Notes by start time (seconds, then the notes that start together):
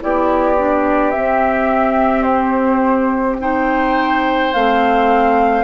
0.00 B3 E4 G4 D5
0.57 D4
1.11 C4 E5
2.22 C5
3.40 D#4 C5 G5
4.53 A3 C4 F5